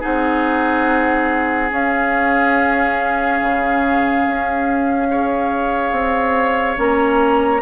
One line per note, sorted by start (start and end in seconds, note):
0.00 1.71 C4
0.00 1.69 D#4
0.00 5.07 G#4
0.00 1.71 F#5
1.70 5.08 C#4
1.70 3.40 C#4
1.70 6.79 F5
3.42 4.26 C#3
4.27 5.92 C#4
5.08 6.76 G#4
5.08 7.62 C#5
5.92 6.76 C4
6.76 7.62 A#3
6.76 7.61 C#4
6.76 7.62 A#5